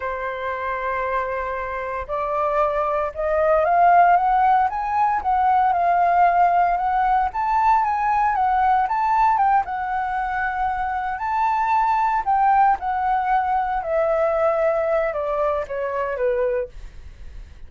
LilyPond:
\new Staff \with { instrumentName = "flute" } { \time 4/4 \tempo 4 = 115 c''1 | d''2 dis''4 f''4 | fis''4 gis''4 fis''4 f''4~ | f''4 fis''4 a''4 gis''4 |
fis''4 a''4 g''8 fis''4.~ | fis''4. a''2 g''8~ | g''8 fis''2 e''4.~ | e''4 d''4 cis''4 b'4 | }